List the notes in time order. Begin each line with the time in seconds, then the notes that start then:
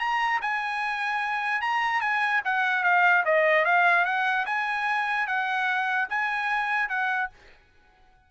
0.00 A#5
0.42 G#5
1.62 A#5
2.01 G#5
2.45 F#5
2.84 F5
3.26 D#5
3.65 F5
4.06 F#5
4.46 G#5
5.28 F#5
6.10 G#5
6.90 F#5